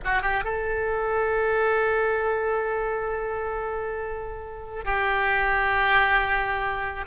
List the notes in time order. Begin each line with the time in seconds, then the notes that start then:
0.04 F#4
0.22 G4
0.44 A4
4.84 G4